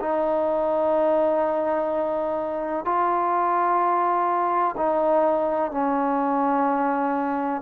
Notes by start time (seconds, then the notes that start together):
0.00 D#4
2.85 F4
4.77 D#4
5.72 C#4